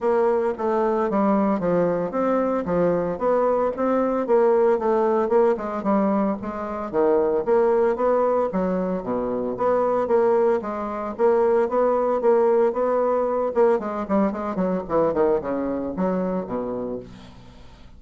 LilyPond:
\new Staff \with { instrumentName = "bassoon" } { \time 4/4 \tempo 4 = 113 ais4 a4 g4 f4 | c'4 f4 b4 c'4 | ais4 a4 ais8 gis8 g4 | gis4 dis4 ais4 b4 |
fis4 b,4 b4 ais4 | gis4 ais4 b4 ais4 | b4. ais8 gis8 g8 gis8 fis8 | e8 dis8 cis4 fis4 b,4 | }